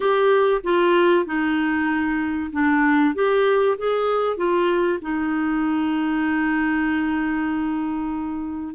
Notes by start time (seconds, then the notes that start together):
0.00 G4
0.63 F4
1.25 D#4
2.52 D4
3.14 G4
3.78 G#4
4.36 F4
5.01 D#4